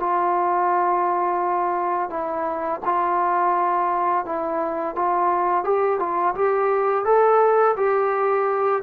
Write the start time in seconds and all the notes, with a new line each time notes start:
0.00 F4
2.10 E4
2.85 F4
4.25 E4
4.95 F4
5.64 G4
5.99 F4
6.35 G4
7.05 A4
7.77 G4